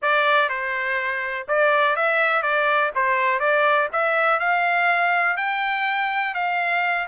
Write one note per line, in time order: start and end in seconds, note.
0.02 0.49 D5
0.49 1.46 C5
1.48 1.96 D5
1.96 2.42 E5
2.42 2.91 D5
2.95 3.39 C5
3.39 3.88 D5
3.92 4.39 E5
4.39 5.36 F5
5.36 6.34 G5
6.34 7.07 F5